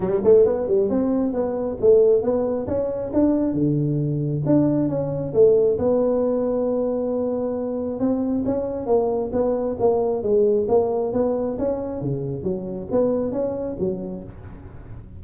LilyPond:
\new Staff \with { instrumentName = "tuba" } { \time 4/4 \tempo 4 = 135 g8 a8 b8 g8 c'4 b4 | a4 b4 cis'4 d'4 | d2 d'4 cis'4 | a4 b2.~ |
b2 c'4 cis'4 | ais4 b4 ais4 gis4 | ais4 b4 cis'4 cis4 | fis4 b4 cis'4 fis4 | }